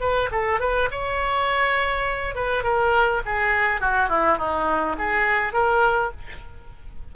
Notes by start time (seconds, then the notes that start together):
0.00 B4
0.31 A4
0.60 B4
0.91 C#5
2.35 B4
2.63 A#4
3.25 G#4
3.80 F#4
4.09 E4
4.38 D#4
4.98 G#4
5.53 A#4